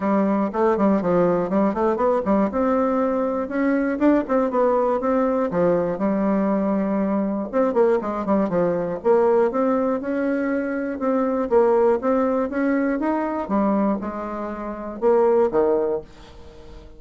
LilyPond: \new Staff \with { instrumentName = "bassoon" } { \time 4/4 \tempo 4 = 120 g4 a8 g8 f4 g8 a8 | b8 g8 c'2 cis'4 | d'8 c'8 b4 c'4 f4 | g2. c'8 ais8 |
gis8 g8 f4 ais4 c'4 | cis'2 c'4 ais4 | c'4 cis'4 dis'4 g4 | gis2 ais4 dis4 | }